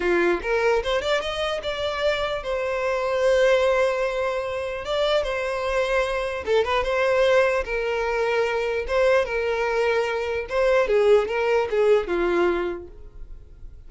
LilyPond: \new Staff \with { instrumentName = "violin" } { \time 4/4 \tempo 4 = 149 f'4 ais'4 c''8 d''8 dis''4 | d''2 c''2~ | c''1 | d''4 c''2. |
a'8 b'8 c''2 ais'4~ | ais'2 c''4 ais'4~ | ais'2 c''4 gis'4 | ais'4 gis'4 f'2 | }